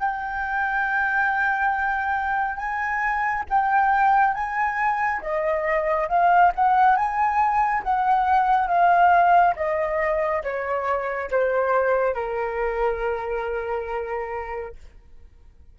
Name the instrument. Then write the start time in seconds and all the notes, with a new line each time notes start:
flute
0.00 G5
2.57 G#5
3.50 G5
4.34 G#5
5.22 D#5
6.09 F5
6.56 F#5
6.96 G#5
7.84 F#5
8.68 F5
9.56 D#5
10.43 C#5
11.32 C5
12.15 A#4